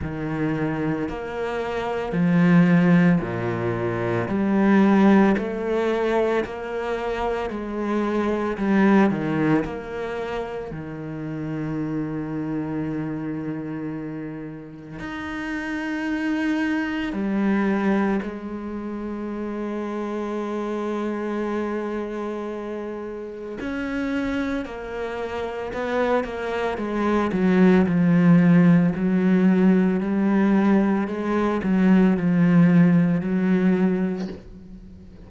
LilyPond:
\new Staff \with { instrumentName = "cello" } { \time 4/4 \tempo 4 = 56 dis4 ais4 f4 ais,4 | g4 a4 ais4 gis4 | g8 dis8 ais4 dis2~ | dis2 dis'2 |
g4 gis2.~ | gis2 cis'4 ais4 | b8 ais8 gis8 fis8 f4 fis4 | g4 gis8 fis8 f4 fis4 | }